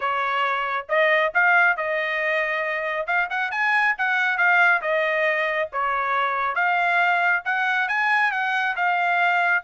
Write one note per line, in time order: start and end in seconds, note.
0.00 0.86 C#5
0.89 1.32 D#5
1.34 1.76 F5
1.76 3.06 D#5
3.06 3.28 F5
3.30 3.51 F#5
3.51 3.95 G#5
3.98 4.37 F#5
4.37 4.81 F5
4.81 5.69 D#5
5.72 6.55 C#5
6.55 7.42 F5
7.45 7.88 F#5
7.88 8.31 G#5
8.31 8.75 F#5
8.76 9.63 F5